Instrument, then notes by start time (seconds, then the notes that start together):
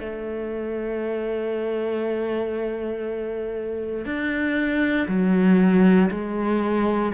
cello
0.00 A3
4.05 D4
5.08 F#3
6.11 G#3